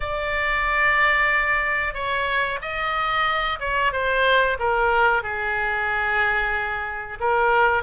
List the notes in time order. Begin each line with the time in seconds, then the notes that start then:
0.00 D5
1.94 C#5
2.61 D#5
3.59 C#5
3.92 C5
4.59 A#4
5.22 G#4
7.19 A#4